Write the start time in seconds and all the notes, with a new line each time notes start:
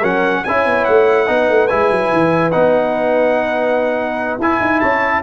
0.00 F#3 C#4 A#4 F#5
0.44 C#4 E4 C#5 G#5
0.65 B3
0.84 A3 F#5
1.26 B3 D#4 B4
1.49 A3
1.67 G#3 E4 G#5
1.90 F#3
2.12 E3
2.51 B3 D#4 F#5
4.38 E4 G#5
4.60 D#4
4.80 C#4 C#5 A5